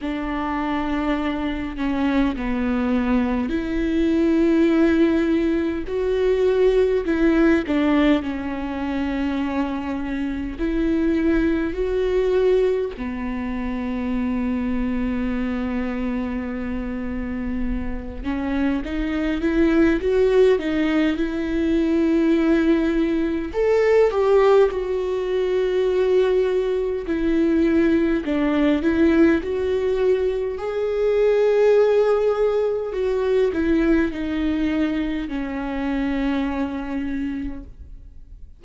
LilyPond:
\new Staff \with { instrumentName = "viola" } { \time 4/4 \tempo 4 = 51 d'4. cis'8 b4 e'4~ | e'4 fis'4 e'8 d'8 cis'4~ | cis'4 e'4 fis'4 b4~ | b2.~ b8 cis'8 |
dis'8 e'8 fis'8 dis'8 e'2 | a'8 g'8 fis'2 e'4 | d'8 e'8 fis'4 gis'2 | fis'8 e'8 dis'4 cis'2 | }